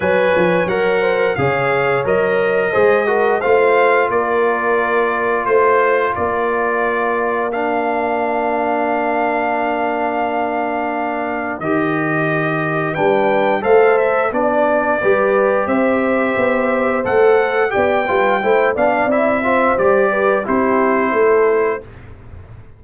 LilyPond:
<<
  \new Staff \with { instrumentName = "trumpet" } { \time 4/4 \tempo 4 = 88 gis''4 fis''4 f''4 dis''4~ | dis''4 f''4 d''2 | c''4 d''2 f''4~ | f''1~ |
f''4 dis''2 g''4 | f''8 e''8 d''2 e''4~ | e''4 fis''4 g''4. f''8 | e''4 d''4 c''2 | }
  \new Staff \with { instrumentName = "horn" } { \time 4/4 cis''4. c''8 cis''2 | c''8 ais'8 c''4 ais'2 | c''4 ais'2.~ | ais'1~ |
ais'2. b'4 | c''4 d''4 b'4 c''4~ | c''2 d''8 b'8 c''8 d''8~ | d''8 c''4 b'8 g'4 a'4 | }
  \new Staff \with { instrumentName = "trombone" } { \time 4/4 b'4 ais'4 gis'4 ais'4 | gis'8 fis'8 f'2.~ | f'2. d'4~ | d'1~ |
d'4 g'2 d'4 | a'4 d'4 g'2~ | g'4 a'4 g'8 f'8 e'8 d'8 | e'8 f'8 g'4 e'2 | }
  \new Staff \with { instrumentName = "tuba" } { \time 4/4 fis8 f8 fis4 cis4 fis4 | gis4 a4 ais2 | a4 ais2.~ | ais1~ |
ais4 dis2 g4 | a4 b4 g4 c'4 | b4 a4 b8 g8 a8 b8 | c'4 g4 c'4 a4 | }
>>